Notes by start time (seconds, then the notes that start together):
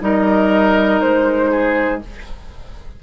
0.00 G3 D#4 A#4 D#5
1.00 G#3 C5
1.51 G#4